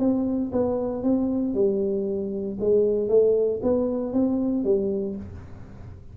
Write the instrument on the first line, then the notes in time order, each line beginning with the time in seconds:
tuba
0.00 C4
0.53 B3
1.03 C4
1.55 G3
2.61 G#3
3.09 A3
3.63 B3
4.13 C4
4.65 G3